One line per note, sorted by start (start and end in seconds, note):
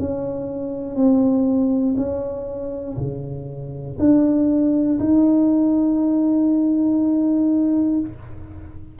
0.00 0.96 C#4
0.96 1.96 C4
1.97 2.97 C#4
2.98 3.98 C#3
3.99 4.99 D4
5.00 8.00 D#4